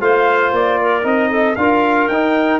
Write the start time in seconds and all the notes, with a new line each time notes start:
0.00 A3 F4 C5 F5
0.52 A#3 D5
0.80 A#4
1.02 C4 D#4 D#5
1.30 A4
1.56 D4 F4 A#4 F5
2.08 D#4 G5